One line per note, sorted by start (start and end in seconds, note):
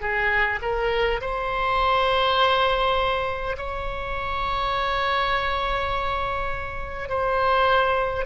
0.00 0.59 G#4
0.61 1.20 A#4
1.21 3.56 C5
3.57 7.09 C#5
7.09 8.25 C5